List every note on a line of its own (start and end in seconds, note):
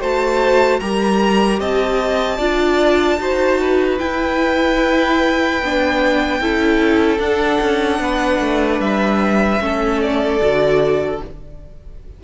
0.00 0.80 A3
0.00 0.81 F#4
0.00 0.80 C5
0.00 0.80 A5
0.80 1.60 G3
0.80 2.39 G4
0.80 1.60 A#4
0.80 1.60 A#5
1.60 2.39 C4
1.60 2.37 D#5
1.60 3.98 A5
2.37 3.19 D4
2.37 3.19 F4
2.37 3.17 D5
3.19 3.99 D#4
3.19 4.00 F#4
3.19 3.61 C5
3.61 6.41 B4
3.98 5.60 E4
3.98 5.62 E4
3.98 7.18 G5
5.62 6.40 B3
5.62 6.41 D4
6.40 7.19 C#4
6.40 7.19 E4
6.40 8.01 A4
7.19 7.59 D4
7.19 9.59 D4
7.19 8.80 F#5
7.61 7.99 C#4
7.99 8.39 B3
7.99 9.63 B4
8.40 8.79 A3
8.80 9.60 G3
8.80 10.00 E5
9.59 10.40 A3
9.59 10.39 C#4
9.59 11.23 A4
10.02 11.22 D5
10.41 11.21 D3
10.41 11.21 F#4